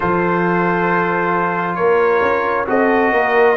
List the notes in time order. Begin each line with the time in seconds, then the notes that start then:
0.00 F3 F4 A4 C5
1.75 A#3 A#4 C#5
2.21 C#4
2.66 C4 F#4 A4 D#5
3.11 A#3 A#4